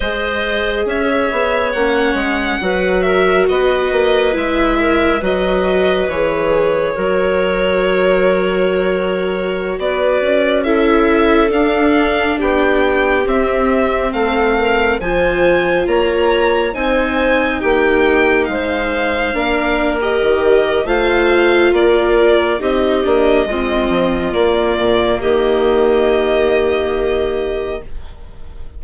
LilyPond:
<<
  \new Staff \with { instrumentName = "violin" } { \time 4/4 \tempo 4 = 69 dis''4 e''4 fis''4. e''8 | dis''4 e''4 dis''4 cis''4~ | cis''2.~ cis''16 d''8.~ | d''16 e''4 f''4 g''4 e''8.~ |
e''16 f''4 gis''4 ais''4 gis''8.~ | gis''16 g''4 f''4.~ f''16 dis''4 | f''4 d''4 dis''2 | d''4 dis''2. | }
  \new Staff \with { instrumentName = "clarinet" } { \time 4/4 c''4 cis''2 b'8 ais'8 | b'4. ais'8 b'2 | ais'2.~ ais'16 b'8.~ | b'16 a'2 g'4.~ g'16~ |
g'16 a'8 ais'8 c''4 cis''4 c''8.~ | c''16 g'4 c''4 ais'4.~ ais'16 | c''4 ais'4 g'4 f'4~ | f'4 g'2. | }
  \new Staff \with { instrumentName = "viola" } { \time 4/4 gis'2 cis'4 fis'4~ | fis'4 e'4 fis'4 gis'4 | fis'1~ | fis'16 e'4 d'2 c'8.~ |
c'4~ c'16 f'2 dis'8.~ | dis'2~ dis'16 d'8. g'4 | f'2 dis'8 d'8 c'4 | ais1 | }
  \new Staff \with { instrumentName = "bassoon" } { \time 4/4 gis4 cis'8 b8 ais8 gis8 fis4 | b8 ais8 gis4 fis4 e4 | fis2.~ fis16 b8 cis'16~ | cis'4~ cis'16 d'4 b4 c'8.~ |
c'16 a4 f4 ais4 c'8.~ | c'16 ais4 gis4 ais4 dis8. | a4 ais4 c'8 ais8 gis8 f8 | ais8 ais,8 dis2. | }
>>